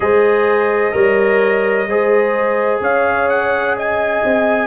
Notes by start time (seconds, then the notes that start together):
0.00 G#3 G#4 C5 D#5
0.92 G3 A#4 C#5
1.87 G#3 G#4 C5
2.80 C#4 C#5 F5
3.28 F#5
3.76 D#5 G#5
4.23 C4